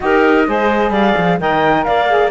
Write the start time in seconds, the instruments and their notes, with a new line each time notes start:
0.00 cello D#4, saxophone G4, clarinet A#4, flute D#5
0.47 cello G#3, saxophone G#4, clarinet C5
0.90 cello G3, clarinet D5, flute F5
1.17 cello F3
1.39 cello D#3, saxophone A#4, clarinet D#5, flute G5
1.83 cello A#3, clarinet D5, flute F5
2.08 saxophone G#4